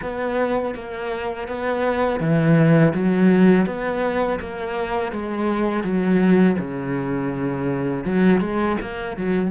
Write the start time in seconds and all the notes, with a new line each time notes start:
0.02 B3
0.74 A#3
1.48 B3
2.20 E3
2.94 F#3
3.66 B3
4.39 A#3
5.12 G#3
5.83 F#3
6.58 C#3
8.04 F#3
8.40 G#3
8.81 A#3
9.16 F#3